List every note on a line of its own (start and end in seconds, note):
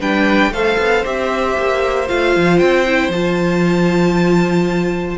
0.00 0.50 G3
0.00 0.52 D4
0.00 0.52 B4
0.00 0.53 G5
0.50 0.76 A3
0.50 1.04 A4
0.50 5.17 C5
0.50 1.05 F5
0.78 1.04 B3
1.04 1.57 C4
1.04 2.08 G4
1.04 2.08 E5
1.58 2.09 A#3
2.08 2.36 A3
2.08 2.86 F4
2.08 2.59 F5
2.36 2.61 F3
2.59 3.08 C4
2.59 3.10 G5
2.86 3.12 E4
3.08 5.15 F3
3.08 5.17 F4
3.08 5.17 A5